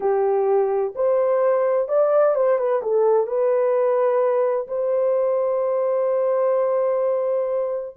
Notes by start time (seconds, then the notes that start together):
0.00 G4
0.95 C5
1.88 D5
2.35 C5
2.58 B4
2.82 A4
3.26 B4
4.67 C5